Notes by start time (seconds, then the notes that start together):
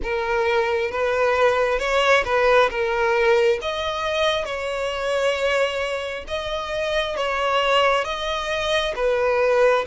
0.02 A#4
0.91 B4
1.79 C#5
2.24 B4
2.69 A#4
3.61 D#5
4.45 C#5
6.27 D#5
7.16 C#5
8.04 D#5
8.95 B4